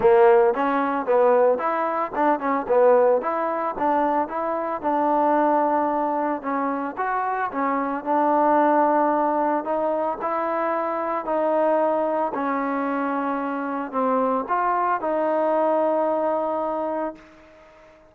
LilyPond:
\new Staff \with { instrumentName = "trombone" } { \time 4/4 \tempo 4 = 112 ais4 cis'4 b4 e'4 | d'8 cis'8 b4 e'4 d'4 | e'4 d'2. | cis'4 fis'4 cis'4 d'4~ |
d'2 dis'4 e'4~ | e'4 dis'2 cis'4~ | cis'2 c'4 f'4 | dis'1 | }